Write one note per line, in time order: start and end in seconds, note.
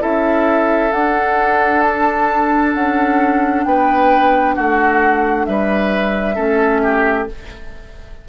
0.00 0.93 C#4
0.00 0.91 E4
0.00 3.65 A4
0.00 0.93 E5
0.92 6.36 D4
0.92 2.75 D4
0.92 1.83 F#5
1.83 2.74 A5
2.74 3.66 C#4
2.74 3.64 F#5
3.64 4.56 B3
3.64 4.56 B4
3.64 4.55 G5
4.55 5.48 A3
4.55 5.47 F#4
4.55 5.46 F#5
5.46 6.37 G3
5.46 6.36 B4
5.46 7.28 E5
6.36 7.28 A3
6.36 7.27 C#4
6.36 6.81 A4
6.83 7.29 G4